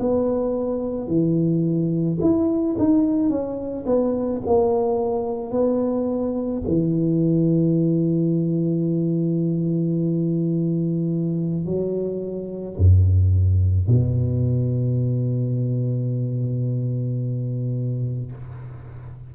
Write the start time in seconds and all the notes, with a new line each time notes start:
0.00 B3
1.08 E3
2.21 E4
2.79 D#4
3.30 C#4
3.86 B3
4.46 A#3
5.52 B3
6.68 E3
11.66 F#3
12.77 F#2
13.88 B2